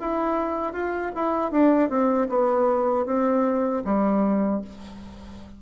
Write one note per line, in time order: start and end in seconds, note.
0.00 0.73 E4
0.73 1.12 F4
1.15 1.52 E4
1.52 1.90 D4
1.90 2.28 C4
2.29 3.06 B3
3.06 3.83 C4
3.85 4.62 G3